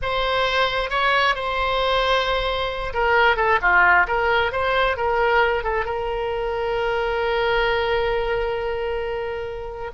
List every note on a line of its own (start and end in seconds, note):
0.01 0.90 C5
0.90 1.35 C#5
1.35 2.93 C5
2.93 3.36 A#4
3.36 3.59 A4
3.61 4.06 F4
4.07 4.52 A#4
4.52 4.96 C5
4.96 5.63 A#4
5.63 5.85 A4
5.85 9.91 A#4